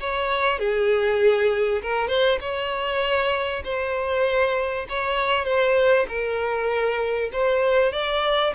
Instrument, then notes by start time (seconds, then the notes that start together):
violin
0.00 C#5
0.59 G#4
1.82 A#4
2.08 C5
2.40 C#5
3.64 C5
4.89 C#5
5.45 C5
6.08 A#4
7.33 C5
7.92 D5